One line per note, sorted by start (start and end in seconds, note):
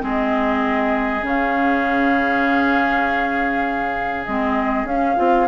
0.00 1.23 G#3
0.00 1.21 C4
0.00 5.48 G#4
0.00 1.26 D#5
1.23 4.26 C#3
1.23 4.26 C#4
1.23 4.26 F5
4.26 4.84 G#3
4.26 4.89 C4
4.26 4.86 D#5
4.84 5.15 C#4
4.84 5.16 C#4
4.84 5.48 F5
5.16 5.48 C4
5.16 5.47 F4